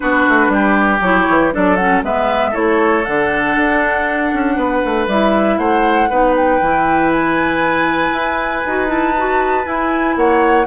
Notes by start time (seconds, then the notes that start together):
0.00 B3 D4 F#4 B4
0.28 A3
0.48 G3 G4
1.01 F#3 E4 C#5
1.28 E3
1.51 F#3 D4 A4 D5
1.76 C#4 F#5
2.03 G#3 B3 B4 E5
2.50 A3 E4 A4 C#5
3.04 D3 D4 F#5
3.56 D4
4.32 C#4
4.56 B3 B4
4.84 A3
5.07 G3 E4 E5
5.58 A3 C5 F#5
6.09 B3 D#4 B4
6.36 G5
6.61 E3 E4
7.12 G#5
8.12 E4
8.65 D#4 F#4
8.87 E4 A5
9.17 F#4
9.64 E4 G#5
10.16 A#3 C#5 F#5